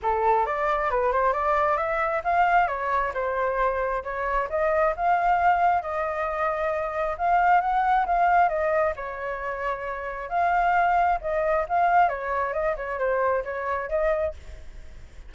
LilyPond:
\new Staff \with { instrumentName = "flute" } { \time 4/4 \tempo 4 = 134 a'4 d''4 b'8 c''8 d''4 | e''4 f''4 cis''4 c''4~ | c''4 cis''4 dis''4 f''4~ | f''4 dis''2. |
f''4 fis''4 f''4 dis''4 | cis''2. f''4~ | f''4 dis''4 f''4 cis''4 | dis''8 cis''8 c''4 cis''4 dis''4 | }